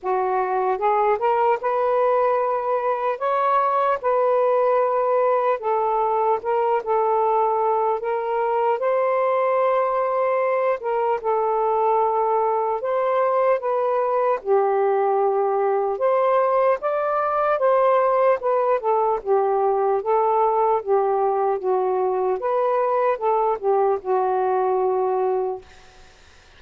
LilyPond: \new Staff \with { instrumentName = "saxophone" } { \time 4/4 \tempo 4 = 75 fis'4 gis'8 ais'8 b'2 | cis''4 b'2 a'4 | ais'8 a'4. ais'4 c''4~ | c''4. ais'8 a'2 |
c''4 b'4 g'2 | c''4 d''4 c''4 b'8 a'8 | g'4 a'4 g'4 fis'4 | b'4 a'8 g'8 fis'2 | }